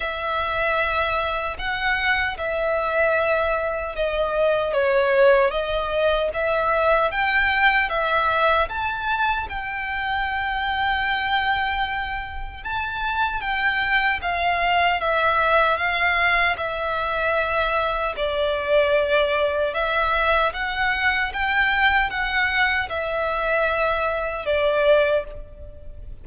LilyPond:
\new Staff \with { instrumentName = "violin" } { \time 4/4 \tempo 4 = 76 e''2 fis''4 e''4~ | e''4 dis''4 cis''4 dis''4 | e''4 g''4 e''4 a''4 | g''1 |
a''4 g''4 f''4 e''4 | f''4 e''2 d''4~ | d''4 e''4 fis''4 g''4 | fis''4 e''2 d''4 | }